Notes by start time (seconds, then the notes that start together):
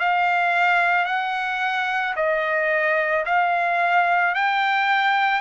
0.00 F5
1.06 F#5
2.16 D#5
3.26 F5
4.35 G5